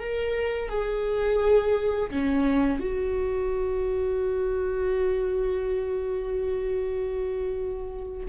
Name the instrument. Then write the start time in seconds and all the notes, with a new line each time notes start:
viola
0.00 A#4
0.69 G#4
2.11 C#4
2.80 F#4